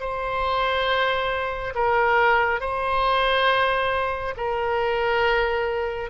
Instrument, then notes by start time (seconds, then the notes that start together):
oboe
0.00 C5
1.75 A#4
2.60 C5
4.37 A#4